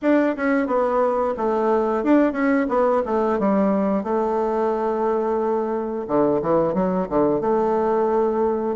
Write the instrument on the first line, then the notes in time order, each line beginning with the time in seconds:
bassoon
0.02 D4
0.36 C#4
0.66 B3
1.37 A3
2.03 D4
2.32 C#4
2.68 B3
3.05 A3
3.39 G3
4.03 A3
6.07 D3
6.41 E3
6.74 F#3
7.09 D3
7.41 A3